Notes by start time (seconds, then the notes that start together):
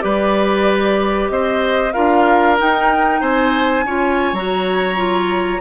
0.00 G3 G4 B4 D5
1.29 C4 C5 D#5
1.92 D4 F4 A#4 F5
2.57 D#4 G5
3.21 C4 C5 G#5
3.85 C#4 F4 C#5
4.32 F#3 F#4 A#5
4.96 F4